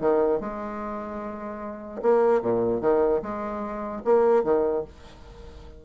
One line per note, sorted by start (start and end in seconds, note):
0.00 0.40 D#3
0.40 2.01 G#3
2.02 2.42 A#3
2.42 2.81 A#2
2.81 3.21 D#3
3.22 4.02 G#3
4.05 4.44 A#3
4.44 4.84 D#3